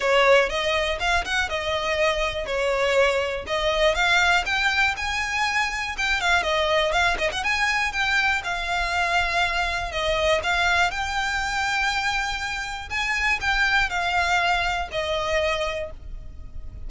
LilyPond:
\new Staff \with { instrumentName = "violin" } { \time 4/4 \tempo 4 = 121 cis''4 dis''4 f''8 fis''8 dis''4~ | dis''4 cis''2 dis''4 | f''4 g''4 gis''2 | g''8 f''8 dis''4 f''8 dis''16 fis''16 gis''4 |
g''4 f''2. | dis''4 f''4 g''2~ | g''2 gis''4 g''4 | f''2 dis''2 | }